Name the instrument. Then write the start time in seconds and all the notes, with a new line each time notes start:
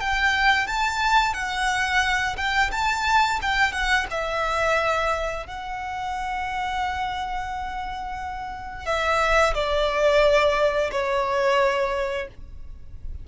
violin
0.00 G5
0.67 A5
1.34 F#5
2.36 G5
2.71 A5
3.42 G5
3.72 F#5
4.11 E5
5.47 F#5
8.86 E5
9.54 D5
10.92 C#5